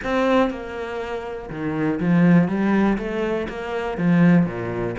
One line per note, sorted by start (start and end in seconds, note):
0.03 0.50 C4
0.50 1.49 A#3
1.49 1.99 D#3
1.99 2.48 F3
2.48 2.97 G3
2.98 3.47 A3
3.48 3.97 A#3
3.97 4.45 F3
4.45 4.95 A#2